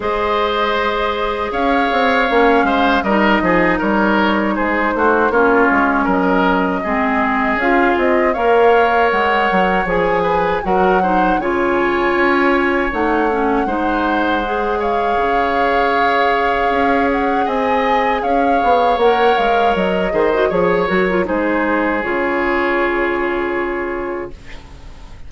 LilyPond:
<<
  \new Staff \with { instrumentName = "flute" } { \time 4/4 \tempo 4 = 79 dis''2 f''2 | dis''4 cis''4 c''4 cis''4 | dis''2 f''8 dis''8 f''4 | fis''4 gis''4 fis''4 gis''4~ |
gis''4 fis''2~ fis''8 f''8~ | f''2~ f''8 fis''8 gis''4 | f''4 fis''8 f''8 dis''4 cis''8 ais'8 | c''4 cis''2. | }
  \new Staff \with { instrumentName = "oboe" } { \time 4/4 c''2 cis''4. c''8 | ais'8 gis'8 ais'4 gis'8 fis'8 f'4 | ais'4 gis'2 cis''4~ | cis''4. b'8 ais'8 c''8 cis''4~ |
cis''2 c''4. cis''8~ | cis''2. dis''4 | cis''2~ cis''8 c''8 cis''4 | gis'1 | }
  \new Staff \with { instrumentName = "clarinet" } { \time 4/4 gis'2. cis'4 | dis'2. cis'4~ | cis'4 c'4 f'4 ais'4~ | ais'4 gis'4 fis'8 dis'8 f'4~ |
f'4 dis'8 cis'8 dis'4 gis'4~ | gis'1~ | gis'4 ais'4. gis'16 fis'16 gis'8 fis'16 f'16 | dis'4 f'2. | }
  \new Staff \with { instrumentName = "bassoon" } { \time 4/4 gis2 cis'8 c'8 ais8 gis8 | g8 f8 g4 gis8 a8 ais8 gis8 | fis4 gis4 cis'8 c'8 ais4 | gis8 fis8 f4 fis4 cis4 |
cis'4 a4 gis2 | cis2 cis'4 c'4 | cis'8 b8 ais8 gis8 fis8 dis8 f8 fis8 | gis4 cis2. | }
>>